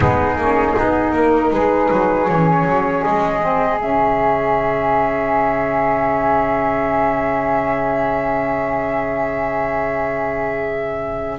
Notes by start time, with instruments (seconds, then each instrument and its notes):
0.00 double bass G#3, saxophone B3, flute D#4 G#4
0.36 double bass A#3, saxophone C#4
0.75 double bass B3, saxophone D#4
1.12 double bass A#3, flute A#4
1.50 double bass G#3, flute G#4 B4
1.91 double bass F#3
2.28 double bass E3, saxophone C#4, flute C#5
2.64 double bass F#3
3.03 double bass G#3, flute D#5
3.40 saxophone C4
3.79 double bass C#3, saxophone C#4, flute E5